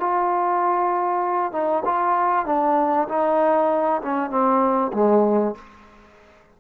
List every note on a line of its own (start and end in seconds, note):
0.00 1.52 F4
1.52 1.83 D#4
1.85 2.46 F4
2.46 3.08 D4
3.09 4.01 D#4
4.02 4.30 C#4
4.30 4.92 C4
4.93 5.55 G#3